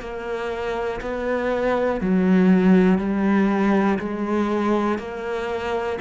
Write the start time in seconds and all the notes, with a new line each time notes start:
0.00 A#3
1.01 B3
2.00 F#3
2.98 G3
3.98 G#3
4.98 A#3